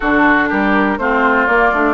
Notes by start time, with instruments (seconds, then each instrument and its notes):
0.00 bassoon D3, clarinet D4, oboe F#4, flute A4
0.49 bassoon G3, oboe G4, flute A#4
0.98 bassoon A3, clarinet C4, oboe F4, flute C5
1.46 bassoon A#3, clarinet A#3, flute D5
1.72 bassoon A3, clarinet D4